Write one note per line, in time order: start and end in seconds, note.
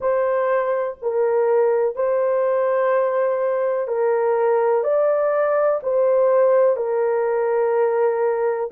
0.00 0.97 C5
1.02 1.95 A#4
1.95 3.87 C5
3.87 4.83 A#4
4.83 5.80 D5
5.82 6.76 C5
6.76 8.70 A#4